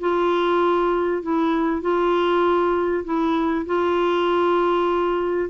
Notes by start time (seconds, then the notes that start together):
0.00 F4
1.22 E4
1.82 F4
3.04 E4
3.66 F4